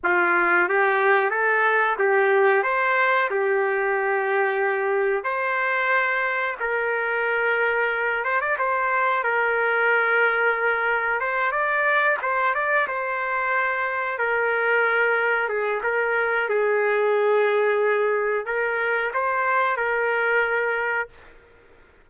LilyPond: \new Staff \with { instrumentName = "trumpet" } { \time 4/4 \tempo 4 = 91 f'4 g'4 a'4 g'4 | c''4 g'2. | c''2 ais'2~ | ais'8 c''16 d''16 c''4 ais'2~ |
ais'4 c''8 d''4 c''8 d''8 c''8~ | c''4. ais'2 gis'8 | ais'4 gis'2. | ais'4 c''4 ais'2 | }